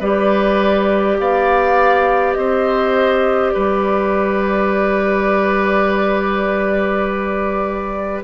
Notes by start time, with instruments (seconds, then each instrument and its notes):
0.00 bassoon G3, clarinet G4, oboe B4, flute D5
1.19 bassoon B3, oboe D5, flute F5
2.34 bassoon C4, oboe C5, flute D#5
3.50 bassoon G3, oboe B4, flute D5